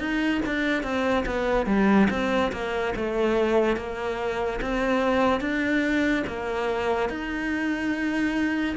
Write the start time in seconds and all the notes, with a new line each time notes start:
0.00 D#4
0.46 D4
0.83 C4
1.26 B3
1.67 G3
2.11 C4
2.53 A#3
2.96 A3
3.77 A#3
4.62 C4
5.41 D4
6.28 A#3
7.10 D#4